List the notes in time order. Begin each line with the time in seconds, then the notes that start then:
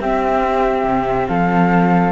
0.00 C4 G4 E5
0.84 C3
1.28 F3 A4 F5